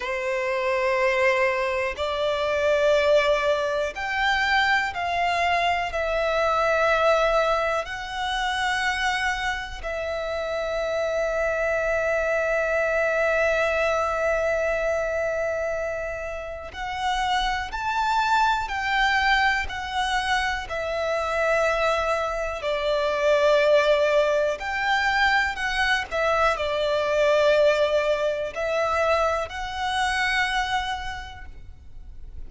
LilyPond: \new Staff \with { instrumentName = "violin" } { \time 4/4 \tempo 4 = 61 c''2 d''2 | g''4 f''4 e''2 | fis''2 e''2~ | e''1~ |
e''4 fis''4 a''4 g''4 | fis''4 e''2 d''4~ | d''4 g''4 fis''8 e''8 d''4~ | d''4 e''4 fis''2 | }